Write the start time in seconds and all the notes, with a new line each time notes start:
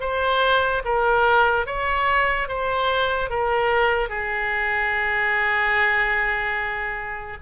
0.00 C5
0.84 A#4
1.66 C#5
2.48 C5
3.30 A#4
4.08 G#4